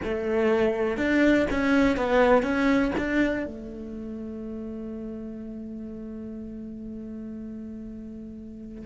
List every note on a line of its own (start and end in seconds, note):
0.04 0.97 A3
0.97 1.46 D4
1.50 1.96 C#4
1.96 2.42 B3
2.42 2.92 C#4
2.97 3.45 D4
3.45 8.85 A3